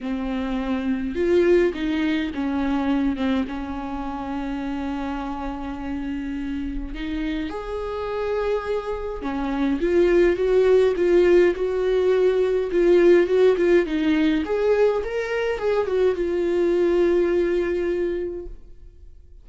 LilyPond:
\new Staff \with { instrumentName = "viola" } { \time 4/4 \tempo 4 = 104 c'2 f'4 dis'4 | cis'4. c'8 cis'2~ | cis'1 | dis'4 gis'2. |
cis'4 f'4 fis'4 f'4 | fis'2 f'4 fis'8 f'8 | dis'4 gis'4 ais'4 gis'8 fis'8 | f'1 | }